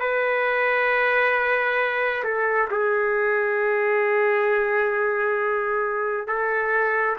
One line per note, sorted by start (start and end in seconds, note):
0.00 2.24 B4
2.24 2.69 A4
2.71 6.27 G#4
6.27 7.17 A4